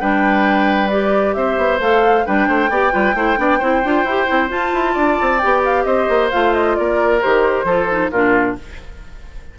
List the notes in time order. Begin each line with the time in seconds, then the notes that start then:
0.00 G3 D4 B4 G5
0.88 G4 D5
1.34 C4 C5 E5
1.57 B3
1.80 A3 A4 F5
2.26 G3 D4 B4 G5
2.48 A3 C5
2.69 B3 G4 D5
2.91 G3 F4 B4
3.14 A3 E4 C5
3.37 B3 D4 D5
3.59 C4 E4 C5
3.84 D4 F4
4.04 E4 G4
4.27 C4 E4
4.50 F4 A5
4.73 E4
4.93 D4 D5
5.21 C4
5.38 B3 G4 G5
5.65 F5
5.84 C4 C5 D#5
6.09 A#3
6.31 A3 F4 F5
6.54 D#5
6.75 A#3 A#4 D5
7.21 D#3 G4 C5
7.64 F3 F4 A4
7.90 D#4
8.11 A#2 D4 F4 A#4